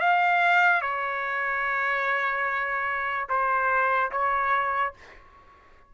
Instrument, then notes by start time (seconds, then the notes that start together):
trumpet
0.00 F5
0.82 C#5
3.29 C5
4.12 C#5